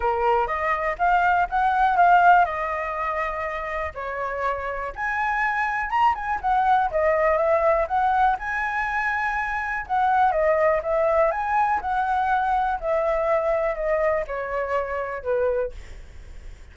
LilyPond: \new Staff \with { instrumentName = "flute" } { \time 4/4 \tempo 4 = 122 ais'4 dis''4 f''4 fis''4 | f''4 dis''2. | cis''2 gis''2 | ais''8 gis''8 fis''4 dis''4 e''4 |
fis''4 gis''2. | fis''4 dis''4 e''4 gis''4 | fis''2 e''2 | dis''4 cis''2 b'4 | }